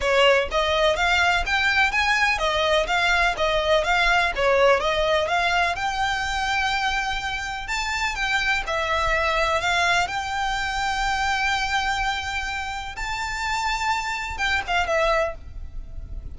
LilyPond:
\new Staff \with { instrumentName = "violin" } { \time 4/4 \tempo 4 = 125 cis''4 dis''4 f''4 g''4 | gis''4 dis''4 f''4 dis''4 | f''4 cis''4 dis''4 f''4 | g''1 |
a''4 g''4 e''2 | f''4 g''2.~ | g''2. a''4~ | a''2 g''8 f''8 e''4 | }